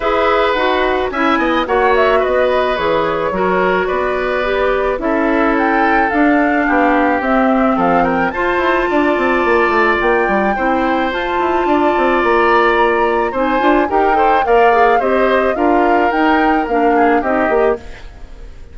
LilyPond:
<<
  \new Staff \with { instrumentName = "flute" } { \time 4/4 \tempo 4 = 108 e''4 fis''4 gis''4 fis''8 e''8 | dis''4 cis''2 d''4~ | d''4 e''4 g''4 f''4~ | f''4 e''4 f''8 g''8 a''4~ |
a''2 g''2 | a''2 ais''2 | gis''4 g''4 f''4 dis''4 | f''4 g''4 f''4 dis''4 | }
  \new Staff \with { instrumentName = "oboe" } { \time 4/4 b'2 e''8 dis''8 cis''4 | b'2 ais'4 b'4~ | b'4 a'2. | g'2 a'8 ais'8 c''4 |
d''2. c''4~ | c''4 d''2. | c''4 ais'8 c''8 d''4 c''4 | ais'2~ ais'8 gis'8 g'4 | }
  \new Staff \with { instrumentName = "clarinet" } { \time 4/4 gis'4 fis'4 e'4 fis'4~ | fis'4 gis'4 fis'2 | g'4 e'2 d'4~ | d'4 c'2 f'4~ |
f'2. e'4 | f'1 | dis'8 f'8 g'8 a'8 ais'8 gis'8 g'4 | f'4 dis'4 d'4 dis'8 g'8 | }
  \new Staff \with { instrumentName = "bassoon" } { \time 4/4 e'4 dis'4 cis'8 b8 ais4 | b4 e4 fis4 b4~ | b4 cis'2 d'4 | b4 c'4 f4 f'8 e'8 |
d'8 c'8 ais8 a8 ais8 g8 c'4 | f'8 e'8 d'8 c'8 ais2 | c'8 d'8 dis'4 ais4 c'4 | d'4 dis'4 ais4 c'8 ais8 | }
>>